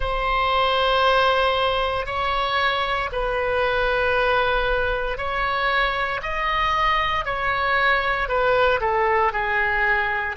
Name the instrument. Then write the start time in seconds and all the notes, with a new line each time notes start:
oboe
0.00 C5
2.05 C#5
3.11 B4
5.17 C#5
6.22 D#5
7.25 C#5
8.28 B4
8.80 A4
9.32 G#4